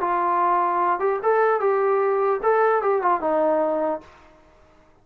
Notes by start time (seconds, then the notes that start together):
0.00 F4
0.99 G4
1.22 A4
1.60 G4
2.43 A4
2.82 G4
3.01 F4
3.20 D#4